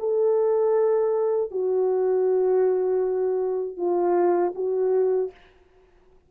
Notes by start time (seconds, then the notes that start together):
0.00 A4
1.51 F#4
3.77 F4
4.56 F#4